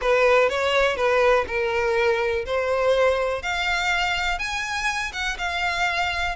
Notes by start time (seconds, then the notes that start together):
0.01 B4
0.49 C#5
0.96 B4
1.47 A#4
2.45 C5
3.42 F5
4.39 G#5
5.12 F#5
5.38 F5